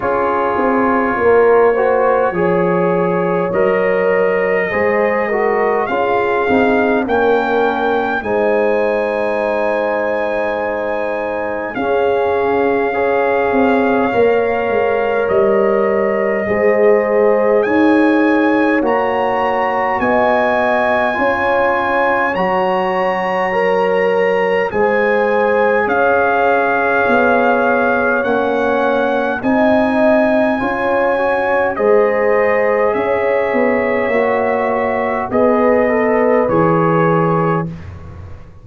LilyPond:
<<
  \new Staff \with { instrumentName = "trumpet" } { \time 4/4 \tempo 4 = 51 cis''2. dis''4~ | dis''4 f''4 g''4 gis''4~ | gis''2 f''2~ | f''4 dis''2 gis''4 |
ais''4 gis''2 ais''4~ | ais''4 gis''4 f''2 | fis''4 gis''2 dis''4 | e''2 dis''4 cis''4 | }
  \new Staff \with { instrumentName = "horn" } { \time 4/4 gis'4 ais'8 c''8 cis''2 | c''8 ais'8 gis'4 ais'4 c''4~ | c''2 gis'4 cis''4~ | cis''2 c''4 cis''4~ |
cis''4 dis''4 cis''2~ | cis''4 c''4 cis''2~ | cis''4 dis''4 cis''4 c''4 | cis''2 b'2 | }
  \new Staff \with { instrumentName = "trombone" } { \time 4/4 f'4. fis'8 gis'4 ais'4 | gis'8 fis'8 f'8 dis'8 cis'4 dis'4~ | dis'2 cis'4 gis'4 | ais'2 gis'2 |
fis'2 f'4 fis'4 | ais'4 gis'2. | cis'4 dis'4 f'8 fis'8 gis'4~ | gis'4 fis'4 gis'8 a'8 gis'4 | }
  \new Staff \with { instrumentName = "tuba" } { \time 4/4 cis'8 c'8 ais4 f4 fis4 | gis4 cis'8 c'8 ais4 gis4~ | gis2 cis'4. c'8 | ais8 gis8 g4 gis4 dis'4 |
ais4 b4 cis'4 fis4~ | fis4 gis4 cis'4 b4 | ais4 c'4 cis'4 gis4 | cis'8 b8 ais4 b4 e4 | }
>>